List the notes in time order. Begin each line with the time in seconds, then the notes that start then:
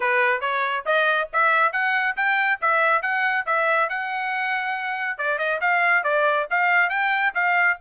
0.00 B4
0.40 C#5
0.85 D#5
1.33 E5
1.72 F#5
2.16 G5
2.61 E5
3.02 F#5
3.46 E5
3.89 F#5
5.18 D5
5.38 D#5
5.60 F5
6.03 D5
6.50 F5
6.89 G5
7.34 F5